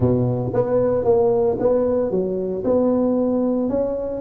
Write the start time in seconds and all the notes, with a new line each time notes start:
0.00 B2
0.53 B3
1.04 A#3
1.59 B3
2.11 F#3
2.64 B3
3.69 C#4